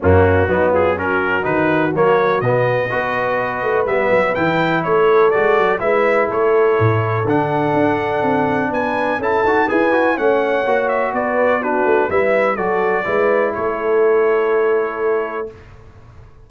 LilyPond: <<
  \new Staff \with { instrumentName = "trumpet" } { \time 4/4 \tempo 4 = 124 fis'4. gis'8 ais'4 b'4 | cis''4 dis''2. | e''4 g''4 cis''4 d''4 | e''4 cis''2 fis''4~ |
fis''2 gis''4 a''4 | gis''4 fis''4. e''8 d''4 | b'4 e''4 d''2 | cis''1 | }
  \new Staff \with { instrumentName = "horn" } { \time 4/4 cis'4 dis'8 f'8 fis'2~ | fis'2 b'2~ | b'2 a'2 | b'4 a'2.~ |
a'2 b'4 a'4 | b'4 cis''2 b'4 | fis'4 b'4 a'4 b'4 | a'1 | }
  \new Staff \with { instrumentName = "trombone" } { \time 4/4 ais4 b4 cis'4 dis'4 | ais4 b4 fis'2 | b4 e'2 fis'4 | e'2. d'4~ |
d'2. e'8 fis'8 | gis'8 fis'8 cis'4 fis'2 | d'4 e'4 fis'4 e'4~ | e'1 | }
  \new Staff \with { instrumentName = "tuba" } { \time 4/4 fis,4 fis2 dis4 | fis4 b,4 b4. a8 | g8 fis8 e4 a4 gis8 fis8 | gis4 a4 a,4 d4 |
d'4 c'4 b4 cis'8 dis'8 | e'4 a4 ais4 b4~ | b8 a8 g4 fis4 gis4 | a1 | }
>>